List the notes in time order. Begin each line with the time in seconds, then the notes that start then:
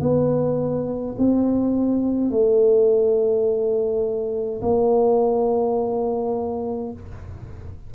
0.00 B3
1.17 C4
2.30 A3
4.62 A#3